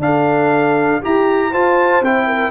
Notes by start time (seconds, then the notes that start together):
0.00 D4 A4 F5
1.02 E4 G4 A#5
1.51 F4 C5 A5
2.02 C4 E4 G5
2.27 A#4